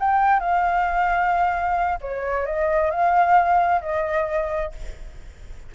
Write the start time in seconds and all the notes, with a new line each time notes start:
0.00 G5
0.40 F5
2.01 C#5
2.46 D#5
2.91 F5
3.82 D#5